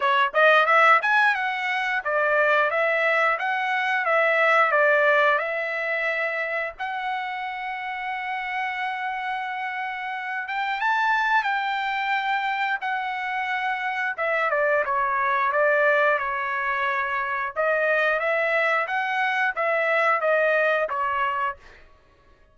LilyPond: \new Staff \with { instrumentName = "trumpet" } { \time 4/4 \tempo 4 = 89 cis''8 dis''8 e''8 gis''8 fis''4 d''4 | e''4 fis''4 e''4 d''4 | e''2 fis''2~ | fis''2.~ fis''8 g''8 |
a''4 g''2 fis''4~ | fis''4 e''8 d''8 cis''4 d''4 | cis''2 dis''4 e''4 | fis''4 e''4 dis''4 cis''4 | }